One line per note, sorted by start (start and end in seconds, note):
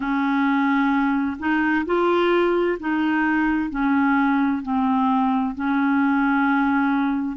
0.00 1.37 C#4
1.38 1.85 D#4
1.85 2.78 F4
2.79 3.70 D#4
3.70 4.62 C#4
4.62 5.54 C4
5.54 7.36 C#4